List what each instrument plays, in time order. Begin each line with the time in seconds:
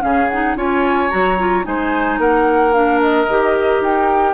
0.00 bassoon C#3, clarinet C#4, oboe G#4, flute F5
0.28 clarinet D#4, flute F#5
0.55 bassoon C#4, clarinet F4, oboe C#5, flute G#5
1.10 bassoon F#3, clarinet F#4, flute A#5
1.38 clarinet F4
1.63 bassoon G#3, clarinet D#4, oboe C5, flute G#5
2.18 bassoon A#3, oboe A#4, flute F#5
2.72 clarinet D4, flute F5
3.01 flute D#5
3.28 bassoon D#3, clarinet G4
3.80 bassoon D#4, flute G5